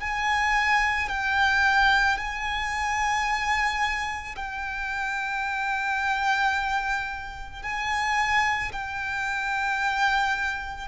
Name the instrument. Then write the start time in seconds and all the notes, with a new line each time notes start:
violin
0.00 G#5
1.09 G5
2.17 G#5
4.35 G5
7.63 G#5
8.72 G5